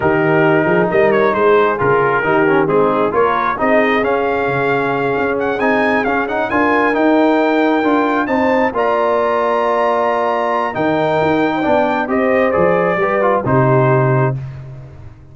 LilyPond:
<<
  \new Staff \with { instrumentName = "trumpet" } { \time 4/4 \tempo 4 = 134 ais'2 dis''8 cis''8 c''4 | ais'2 gis'4 cis''4 | dis''4 f''2. | fis''8 gis''4 f''8 fis''8 gis''4 g''8~ |
g''2~ g''8 a''4 ais''8~ | ais''1 | g''2. dis''4 | d''2 c''2 | }
  \new Staff \with { instrumentName = "horn" } { \time 4/4 g'4. gis'8 ais'4 gis'4~ | gis'4 g'4 dis'4 ais'4 | gis'1~ | gis'2~ gis'8 ais'4.~ |
ais'2~ ais'8 c''4 d''8~ | d''1 | ais'4.~ ais'16 c''16 d''4 c''4~ | c''4 b'4 g'2 | }
  \new Staff \with { instrumentName = "trombone" } { \time 4/4 dis'1 | f'4 dis'8 cis'8 c'4 f'4 | dis'4 cis'2.~ | cis'8 dis'4 cis'8 dis'8 f'4 dis'8~ |
dis'4. f'4 dis'4 f'8~ | f'1 | dis'2 d'4 g'4 | gis'4 g'8 f'8 dis'2 | }
  \new Staff \with { instrumentName = "tuba" } { \time 4/4 dis4. f8 g4 gis4 | cis4 dis4 gis4 ais4 | c'4 cis'4 cis4. cis'8~ | cis'8 c'4 cis'4 d'4 dis'8~ |
dis'4. d'4 c'4 ais8~ | ais1 | dis4 dis'4 b4 c'4 | f4 g4 c2 | }
>>